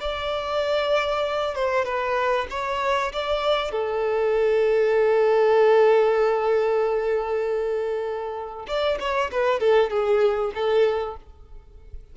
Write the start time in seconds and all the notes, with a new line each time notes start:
0.00 D5
1.55 C5
1.85 B4
2.50 C#5
3.12 D5
3.71 A4
8.67 D5
9.00 C#5
9.31 B4
9.59 A4
9.90 G#4
10.54 A4